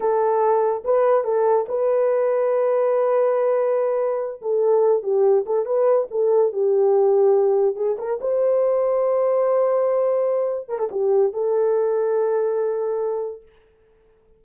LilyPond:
\new Staff \with { instrumentName = "horn" } { \time 4/4 \tempo 4 = 143 a'2 b'4 a'4 | b'1~ | b'2~ b'8 a'4. | g'4 a'8 b'4 a'4 g'8~ |
g'2~ g'8 gis'8 ais'8 c''8~ | c''1~ | c''4. ais'16 a'16 g'4 a'4~ | a'1 | }